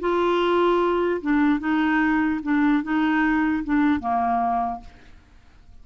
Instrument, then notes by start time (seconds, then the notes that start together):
clarinet
0.00 F4
1.21 D4
1.60 D#4
2.43 D4
2.83 D#4
3.64 D4
4.00 A#3